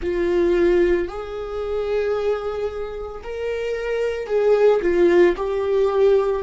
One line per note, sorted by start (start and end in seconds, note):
0.01 1.08 F4
1.08 3.22 G#4
3.23 4.26 A#4
4.26 4.80 G#4
4.82 5.35 F4
5.36 6.42 G4